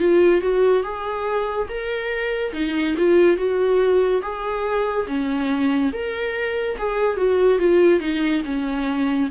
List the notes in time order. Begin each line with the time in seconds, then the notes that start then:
0.00 F4
0.42 F#4
0.84 G#4
1.69 A#4
2.54 D#4
2.98 F4
3.38 F#4
4.23 G#4
5.08 C#4
5.93 A#4
6.78 G#4
7.18 F#4
7.59 F4
8.01 D#4
8.45 C#4